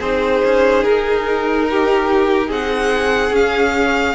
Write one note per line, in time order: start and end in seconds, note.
0.00 0.42 C4
0.00 3.34 D#4
0.00 1.67 G#4
0.00 0.84 C5
0.45 0.85 C#4
0.84 2.50 D#4
0.84 2.51 A#4
1.71 2.48 G4
2.48 3.31 C4
2.48 4.15 G#4
2.48 3.36 F#5
3.31 4.14 C#4
3.31 4.15 C#4
3.31 4.15 F5